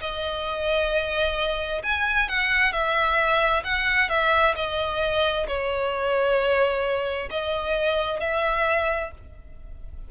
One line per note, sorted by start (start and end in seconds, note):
0.00 1.82 D#5
1.83 2.28 G#5
2.29 2.72 F#5
2.72 3.63 E5
3.64 4.09 F#5
4.09 4.55 E5
4.55 5.46 D#5
5.47 7.29 C#5
7.30 8.20 D#5
8.20 9.11 E5